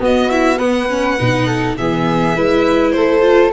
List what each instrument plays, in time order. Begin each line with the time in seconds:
0.00 viola B3, tuba B3, flute F#4, violin D#5
0.31 viola E4, violin E5
0.58 viola B3, flute B4, violin F#5
0.89 viola C#4
1.19 tuba B2, viola D#4
1.47 flute A4
1.78 tuba E3, viola B3, flute G#4, violin E5
2.36 tuba G#3, viola E4, flute B4
2.92 tuba A3, flute A4, violin C5
3.21 viola F4